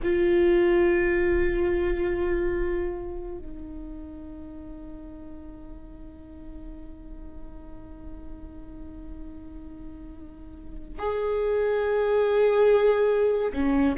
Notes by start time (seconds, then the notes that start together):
0.02 F4
3.38 D#4
10.99 G#4
13.53 C#4